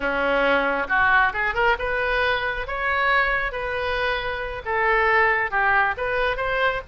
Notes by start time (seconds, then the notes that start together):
0.00 C#4
0.88 F#4
1.33 G#4
1.54 A#4
1.79 B4
2.67 C#5
3.52 B4
4.65 A4
5.50 G4
5.97 B4
6.36 C5